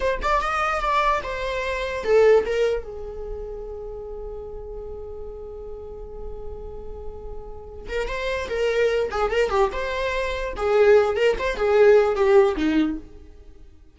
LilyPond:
\new Staff \with { instrumentName = "viola" } { \time 4/4 \tempo 4 = 148 c''8 d''8 dis''4 d''4 c''4~ | c''4 a'4 ais'4 gis'4~ | gis'1~ | gis'1~ |
gis'2.~ gis'8 ais'8 | c''4 ais'4. gis'8 ais'8 g'8 | c''2 gis'4. ais'8 | c''8 gis'4. g'4 dis'4 | }